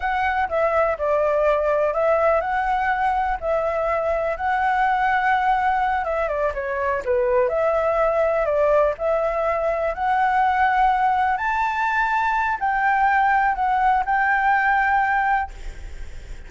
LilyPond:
\new Staff \with { instrumentName = "flute" } { \time 4/4 \tempo 4 = 124 fis''4 e''4 d''2 | e''4 fis''2 e''4~ | e''4 fis''2.~ | fis''8 e''8 d''8 cis''4 b'4 e''8~ |
e''4. d''4 e''4.~ | e''8 fis''2. a''8~ | a''2 g''2 | fis''4 g''2. | }